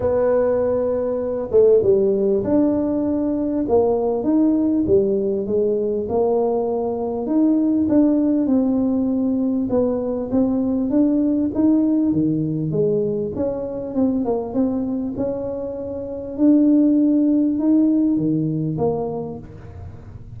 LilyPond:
\new Staff \with { instrumentName = "tuba" } { \time 4/4 \tempo 4 = 99 b2~ b8 a8 g4 | d'2 ais4 dis'4 | g4 gis4 ais2 | dis'4 d'4 c'2 |
b4 c'4 d'4 dis'4 | dis4 gis4 cis'4 c'8 ais8 | c'4 cis'2 d'4~ | d'4 dis'4 dis4 ais4 | }